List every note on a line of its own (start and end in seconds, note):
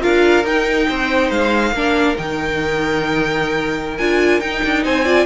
0.00 0.44 D4
0.00 0.43 F4
0.00 0.87 A#4
0.00 0.45 F5
0.44 0.87 D#4
0.44 1.75 D#4
0.44 1.31 G5
0.88 1.30 C4
0.88 1.74 C5
1.30 1.71 G#3
1.30 2.16 F5
1.71 2.14 A#3
1.71 2.15 D4
1.71 4.84 A#4
2.15 3.99 D#3
2.15 3.97 D#4
2.15 3.97 G5
3.97 4.41 D4
3.97 4.41 F4
3.97 4.40 G#5
4.40 5.05 D#4
4.40 4.62 D#4
4.40 4.83 G5
4.64 4.85 D4
4.84 5.26 C4
4.84 5.04 C5
4.84 5.26 G#5
5.04 5.26 F4
5.04 5.26 D5